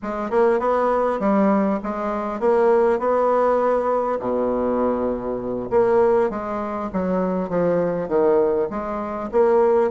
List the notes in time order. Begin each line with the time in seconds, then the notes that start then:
0.02 G#3
0.30 A#3
0.59 B3
1.19 G3
1.83 G#3
2.40 A#3
2.99 B3
4.19 B2
5.70 A#3
6.29 G#3
6.92 F#3
7.49 F3
8.08 D#3
8.69 G#3
9.31 A#3